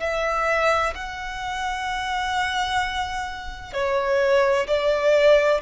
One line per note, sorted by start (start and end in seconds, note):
0.00 0.94 E5
0.95 3.73 F#5
3.73 4.67 C#5
4.67 5.61 D5